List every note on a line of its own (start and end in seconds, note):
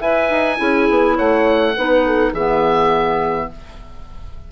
0.00 0.30 E4
0.00 0.57 B4
0.00 0.58 E5
0.00 1.17 G#5
0.30 0.59 D#4
0.57 0.89 C#4
0.57 1.73 E4
0.57 1.16 G#4
0.89 1.18 B3
1.16 1.76 A3
1.16 1.74 C#5
1.16 2.34 F#5
1.77 2.33 B3
1.77 2.36 D#4
1.77 2.06 B4
2.06 2.32 A4
2.32 3.49 E3
2.32 3.52 B3
2.32 3.48 G#4
2.32 3.50 E5